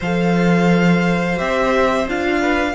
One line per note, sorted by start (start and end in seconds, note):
0.00 1.39 F3
0.00 1.36 A4
0.00 2.40 C5
0.00 1.38 F5
1.36 2.08 C4
1.36 2.05 G4
1.36 2.07 E5
2.08 2.74 D4
2.08 2.74 F4
2.08 2.74 F5
2.41 2.74 B4